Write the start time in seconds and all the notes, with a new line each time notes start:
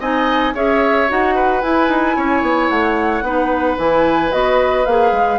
0.00 C4 D#4 D#5 G#5
0.55 C#4 G#4 C#5 E5
1.09 D#4 F#4 F#5
1.35 B4
1.62 E4 G#5
1.89 D#4
2.17 C#4 C#5
2.42 B3
2.70 A3 F#5
3.22 B3 D#4 B4
3.78 E3 E4 G#5
4.32 B3 F#4 D#5
4.86 A#3 G#4 F5
5.12 G#3